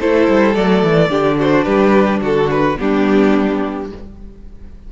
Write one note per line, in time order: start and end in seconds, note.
0.00 0.28 A3
0.00 0.56 E4
0.00 1.09 A4
0.00 0.55 C5
0.28 0.56 G3
0.55 0.83 F#3
0.55 1.11 A3
0.55 1.38 D5
0.83 1.09 E3
1.09 1.65 D3
1.09 2.77 D4
1.09 1.37 G4
1.38 1.65 F#4
1.38 1.64 C5
1.64 2.22 G3
1.64 2.21 G4
1.64 2.20 B4
2.21 2.77 D3
2.21 2.77 F#4
2.21 2.51 A4
2.51 2.79 B4
2.77 3.92 G3
2.77 3.88 B3
2.77 3.91 D4
2.77 3.90 G4